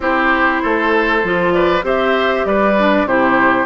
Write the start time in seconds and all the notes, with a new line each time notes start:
0.00 C4 E4 G4 C5
0.62 A3 A4
1.23 F3 F4
1.52 B4 D5
1.82 C4 G4 C5 E5
2.45 G3 B4 D5
2.78 D4
3.05 C3 E4 G4 C5